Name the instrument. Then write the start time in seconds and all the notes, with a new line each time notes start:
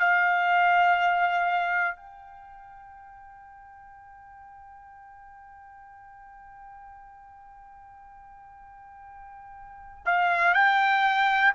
trumpet
0.00 F5
1.97 G5
10.06 F5
10.55 G5